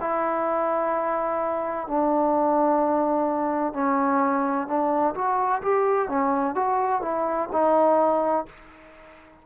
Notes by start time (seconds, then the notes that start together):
0.00 E4
1.87 D4
3.73 C#4
4.67 D4
5.15 F#4
5.62 G4
6.09 C#4
6.55 F#4
7.02 E4
7.52 D#4